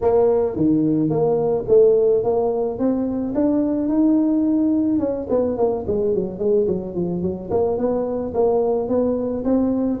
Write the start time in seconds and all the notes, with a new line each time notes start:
0.01 A#3
0.56 D#3
1.09 A#3
1.68 A3
2.23 A#3
2.78 C4
3.34 D4
3.88 D#4
4.99 C#4
5.29 B3
5.57 A#3
5.87 G#3
6.14 F#3
6.38 G#3
6.67 F#3
6.94 F3
7.22 F#3
7.50 A#3
7.77 B3
8.34 A#3
8.88 B3
9.44 C4